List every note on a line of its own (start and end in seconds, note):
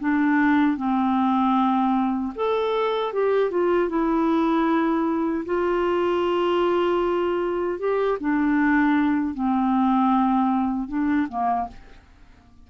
0.00 0.77 D4
0.77 2.33 C4
2.35 3.13 A4
3.13 3.51 G4
3.51 3.89 F4
3.89 5.45 E4
5.45 7.79 F4
7.79 8.18 G4
8.20 9.34 D4
9.34 10.88 C4
10.88 11.27 D4
11.28 11.67 A#3